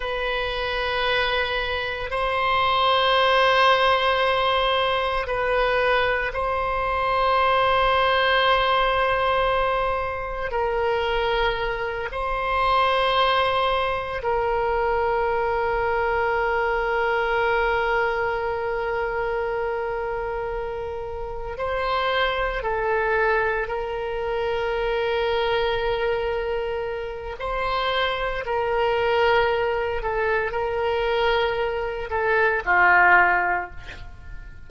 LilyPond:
\new Staff \with { instrumentName = "oboe" } { \time 4/4 \tempo 4 = 57 b'2 c''2~ | c''4 b'4 c''2~ | c''2 ais'4. c''8~ | c''4. ais'2~ ais'8~ |
ais'1~ | ais'8 c''4 a'4 ais'4.~ | ais'2 c''4 ais'4~ | ais'8 a'8 ais'4. a'8 f'4 | }